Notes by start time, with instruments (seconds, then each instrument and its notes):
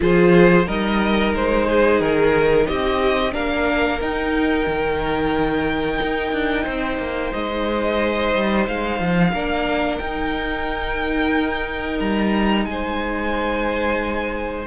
0.00 cello F3, viola F4, violin G#4 C5
0.66 cello G3, viola D#4, violin A#4 D#5
1.33 cello G#3, violin C5
1.66 violin G#4
2.00 cello D#3, violin A#4
2.66 cello C4, violin G4 D#5
3.31 cello A#3, viola D4, violin A#4 F5
4.01 cello D#4, viola D#4, violin G5
4.66 cello D#3
6.01 cello D#4
6.32 cello D4
6.64 cello C4, violin C5
6.98 cello A#3
7.32 cello G#3, violin D#5
8.34 cello G3
8.67 cello G#3, violin F5
8.99 cello F3
9.32 cello A#3, viola D4, violin A#4
9.97 cello D#4, viola D#4, violin G5
11.99 cello G3, violin A#5
12.65 cello G#3, violin C5 G#5